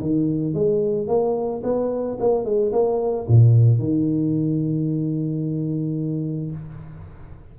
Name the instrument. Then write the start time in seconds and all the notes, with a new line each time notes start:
tuba
0.00 D#3
0.54 G#3
1.07 A#3
1.63 B3
2.20 A#3
2.44 G#3
2.72 A#3
3.28 A#2
3.78 D#3